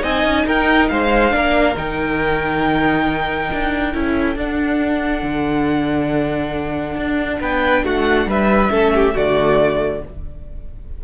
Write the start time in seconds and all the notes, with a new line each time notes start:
0.00 C4 D#4 D#5 G#5
0.24 C#4
0.46 D#4 A#4 G5
0.88 G#3 C5 F5
1.30 A#3 D4 A#4
1.76 D#3 D#4 G5
3.52 D4
3.92 C#4 E4 A4
4.35 D4 F#5
5.22 D3
6.96 D4
7.40 B3 B4 G5
7.83 A3 F#4 F#5
8.26 G3 B4 E5
8.69 A3 C#4 A4
8.94 G4
9.14 D3 A3 F#4 D5